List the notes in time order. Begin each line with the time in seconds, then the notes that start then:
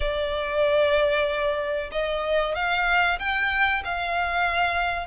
0.00 D5
1.91 D#5
2.55 F5
3.19 G5
3.84 F5